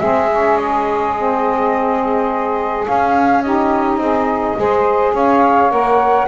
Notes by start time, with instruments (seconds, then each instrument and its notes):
0.00 double bass G#3, saxophone C4 G#4, flute E5
0.31 saxophone C#4
0.57 flute D#5
1.17 saxophone C4
2.86 saxophone C#4, double bass C#4, flute F5
3.42 saxophone D#4 G4, flute D#5
3.98 double bass C4, saxophone G#4
4.57 double bass G#3, saxophone G#4 C5
5.14 double bass C#4, saxophone C#5, flute F5
5.71 double bass A#3, saxophone A#4, flute F#5